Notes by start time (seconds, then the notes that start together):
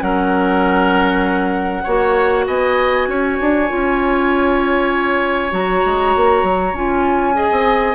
0.00 F#3 C#4 A#4 F#5
1.83 A#3 F#4 C#5
2.47 B3 D#5 G#5
3.07 C#4 C#5
3.41 D4
3.68 C#4 F4
5.51 F#3 F#4 A#5
5.85 G#3
6.15 A#3
6.43 F#3
6.73 C#4 F4 G#5
7.34 G#4 D#5
7.51 C4